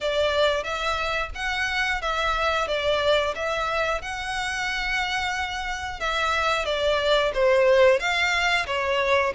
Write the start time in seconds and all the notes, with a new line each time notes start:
0.00 D5
0.63 E5
1.35 F#5
2.02 E5
2.67 D5
3.35 E5
4.02 F#5
5.99 E5
6.65 D5
7.34 C5
7.99 F5
8.66 C#5